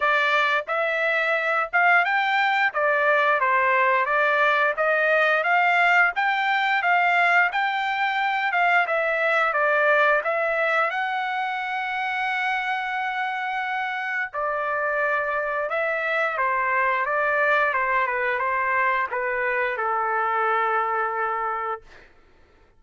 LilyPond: \new Staff \with { instrumentName = "trumpet" } { \time 4/4 \tempo 4 = 88 d''4 e''4. f''8 g''4 | d''4 c''4 d''4 dis''4 | f''4 g''4 f''4 g''4~ | g''8 f''8 e''4 d''4 e''4 |
fis''1~ | fis''4 d''2 e''4 | c''4 d''4 c''8 b'8 c''4 | b'4 a'2. | }